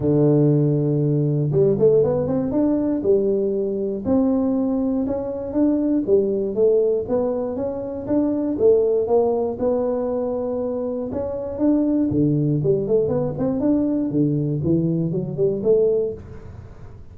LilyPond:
\new Staff \with { instrumentName = "tuba" } { \time 4/4 \tempo 4 = 119 d2. g8 a8 | b8 c'8 d'4 g2 | c'2 cis'4 d'4 | g4 a4 b4 cis'4 |
d'4 a4 ais4 b4~ | b2 cis'4 d'4 | d4 g8 a8 b8 c'8 d'4 | d4 e4 fis8 g8 a4 | }